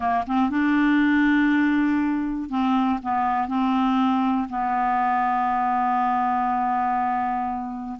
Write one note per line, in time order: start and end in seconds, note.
0.00 0.24 A#3
0.26 0.50 C4
0.50 2.49 D4
2.49 2.99 C4
3.02 3.47 B3
3.47 4.47 C4
4.49 7.99 B3